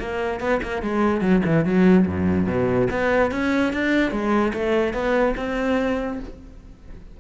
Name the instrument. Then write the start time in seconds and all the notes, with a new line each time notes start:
cello
0.00 A#3
0.40 B3
0.63 A#3
0.82 G#3
1.21 F#3
1.45 E3
1.65 F#3
2.07 F#2
2.47 B2
2.91 B3
3.32 C#4
3.73 D4
4.11 G#3
4.53 A3
4.93 B3
5.37 C4